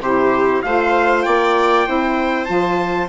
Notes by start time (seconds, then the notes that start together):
0.00 C3 E4 G4 C5
0.62 A3 F4 C5 F5
1.23 A#3 D5 G5
1.86 C4 E4 C5
2.45 F3 F4 A5